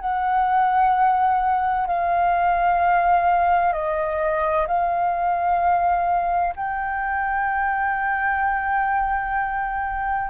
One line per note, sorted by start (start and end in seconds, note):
0.00 1.87 F#5
1.87 3.73 F5
3.73 4.67 D#5
4.67 6.55 F5
6.57 10.31 G5